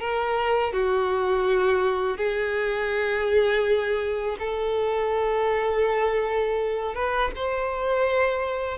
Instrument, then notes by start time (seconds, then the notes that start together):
violin
0.00 A#4
0.73 F#4
2.17 G#4
4.39 A4
6.94 B4
7.36 C5